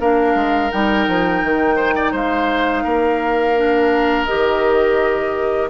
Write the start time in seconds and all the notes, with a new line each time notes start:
0.00 A#3 D4 A#4 F5
0.35 G#3
0.71 G3 D#4 G5
1.08 F3
1.43 D#3
1.76 C5
1.95 D5
2.12 G#3 C5 F5
2.83 A#3 A#4
3.56 D4
4.25 G4 D#5
4.32 D#3